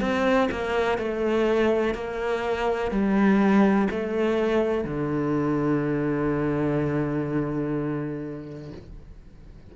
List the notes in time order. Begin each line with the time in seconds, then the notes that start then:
0.00 C4
0.51 A#3
0.98 A3
1.94 A#3
2.91 G3
3.90 A3
4.84 D3